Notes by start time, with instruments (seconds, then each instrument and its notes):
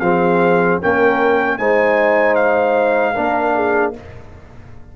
0.00 tuba F3, trombone C4, horn G#4, trumpet F5
0.81 tuba A#3, trombone C#4, horn A#4, trumpet G5
1.58 tuba G#3, trombone D#4, horn C5, trumpet G#5
2.36 trumpet F5
3.14 tuba A#3, trombone D4, horn A#4
3.55 horn G#4